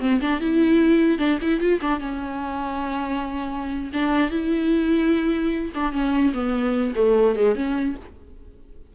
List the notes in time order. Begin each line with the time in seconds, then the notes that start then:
0.00 C4
0.21 D4
0.40 E4
1.18 D4
1.41 E4
1.60 F4
1.81 D4
2.00 C#4
3.93 D4
4.30 E4
5.75 D4
5.92 C#4
6.33 B3
6.95 A3
7.35 G#3
7.55 C#4